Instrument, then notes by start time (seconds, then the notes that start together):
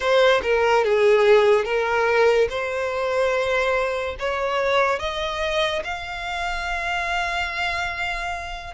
violin
0.00 C5
0.42 A#4
0.84 G#4
1.64 A#4
2.49 C5
4.19 C#5
4.99 D#5
5.83 F5